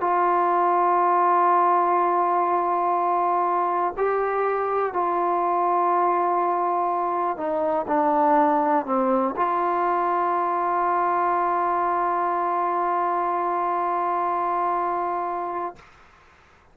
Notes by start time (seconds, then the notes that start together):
0.00 F4
3.97 G4
4.93 F4
7.37 D#4
7.87 D4
8.85 C4
9.36 F4